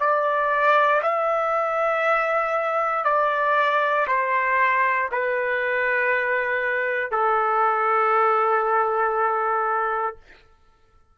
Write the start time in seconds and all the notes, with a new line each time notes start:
0.00 D5
1.03 E5
3.05 D5
4.08 C5
5.12 B4
7.11 A4